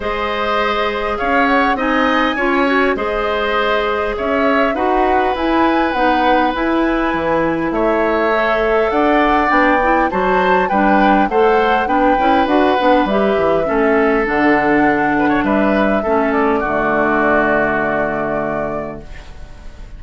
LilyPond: <<
  \new Staff \with { instrumentName = "flute" } { \time 4/4 \tempo 4 = 101 dis''2 f''8 fis''8 gis''4~ | gis''4 dis''2 e''4 | fis''4 gis''4 fis''4 gis''4~ | gis''4 e''2 fis''4 |
g''4 a''4 g''4 fis''4 | g''4 fis''4 e''2 | fis''2 e''4. d''8~ | d''1 | }
  \new Staff \with { instrumentName = "oboe" } { \time 4/4 c''2 cis''4 dis''4 | cis''4 c''2 cis''4 | b'1~ | b'4 cis''2 d''4~ |
d''4 c''4 b'4 c''4 | b'2. a'4~ | a'4. b'16 cis''16 b'4 a'4 | fis'1 | }
  \new Staff \with { instrumentName = "clarinet" } { \time 4/4 gis'2. dis'4 | f'8 fis'8 gis'2. | fis'4 e'4 dis'4 e'4~ | e'2 a'2 |
d'8 e'8 fis'4 d'4 a'4 | d'8 e'8 fis'8 d'8 g'4 cis'4 | d'2. cis'4 | a1 | }
  \new Staff \with { instrumentName = "bassoon" } { \time 4/4 gis2 cis'4 c'4 | cis'4 gis2 cis'4 | dis'4 e'4 b4 e'4 | e4 a2 d'4 |
b4 fis4 g4 a4 | b8 cis'8 d'8 b8 g8 e8 a4 | d2 g4 a4 | d1 | }
>>